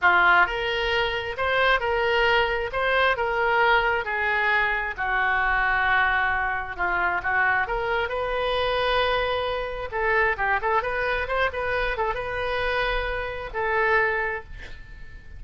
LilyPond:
\new Staff \with { instrumentName = "oboe" } { \time 4/4 \tempo 4 = 133 f'4 ais'2 c''4 | ais'2 c''4 ais'4~ | ais'4 gis'2 fis'4~ | fis'2. f'4 |
fis'4 ais'4 b'2~ | b'2 a'4 g'8 a'8 | b'4 c''8 b'4 a'8 b'4~ | b'2 a'2 | }